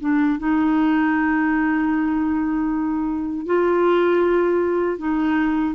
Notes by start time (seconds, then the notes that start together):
0.00 D4
0.38 D#4
3.45 F4
4.98 D#4